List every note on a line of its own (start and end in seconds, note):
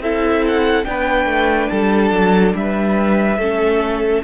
0.00 0.85 C4
0.00 0.85 E4
0.00 0.87 A4
0.00 0.45 E5
0.48 0.85 F#5
0.85 1.25 B3
0.85 3.39 D4
0.85 1.71 B4
0.85 1.69 G5
1.25 1.68 A3
1.69 2.11 G3
1.69 2.55 A4
1.69 2.54 A5
2.11 2.54 F#3
2.55 3.38 G3
2.55 3.39 B4
2.55 4.24 E5
3.38 4.23 A3
3.38 4.24 C#4
3.38 4.23 A4